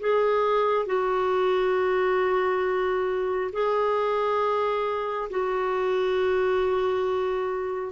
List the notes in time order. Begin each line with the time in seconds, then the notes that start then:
0.00 G#4
0.86 F#4
3.53 G#4
5.30 F#4